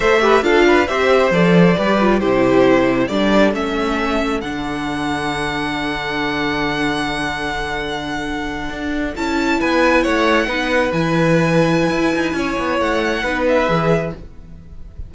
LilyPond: <<
  \new Staff \with { instrumentName = "violin" } { \time 4/4 \tempo 4 = 136 e''4 f''4 e''4 d''4~ | d''4 c''2 d''4 | e''2 fis''2~ | fis''1~ |
fis''1~ | fis''8. a''4 gis''4 fis''4~ fis''16~ | fis''8. gis''2.~ gis''16~ | gis''4 fis''4. e''4. | }
  \new Staff \with { instrumentName = "violin" } { \time 4/4 c''8 b'8 a'8 b'8 c''2 | b'4 g'2 a'4~ | a'1~ | a'1~ |
a'1~ | a'4.~ a'16 b'4 cis''4 b'16~ | b'1 | cis''2 b'2 | }
  \new Staff \with { instrumentName = "viola" } { \time 4/4 a'8 g'8 f'4 g'4 a'4 | g'8 f'8 e'2 d'4 | cis'2 d'2~ | d'1~ |
d'1~ | d'8. e'2. dis'16~ | dis'8. e'2.~ e'16~ | e'2 dis'4 gis'4 | }
  \new Staff \with { instrumentName = "cello" } { \time 4/4 a4 d'4 c'4 f4 | g4 c2 g4 | a2 d2~ | d1~ |
d2.~ d8. d'16~ | d'8. cis'4 b4 a4 b16~ | b8. e2~ e16 e'8 dis'8 | cis'8 b8 a4 b4 e4 | }
>>